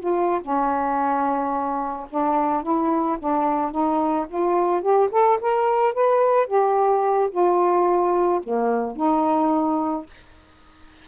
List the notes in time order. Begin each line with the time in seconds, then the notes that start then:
0.00 F4
0.42 C#4
2.10 D4
2.63 E4
3.20 D4
3.72 D#4
4.29 F4
4.82 G4
5.12 A4
5.41 A#4
5.94 B4
6.47 G4
7.31 F4
8.44 A#3
8.96 D#4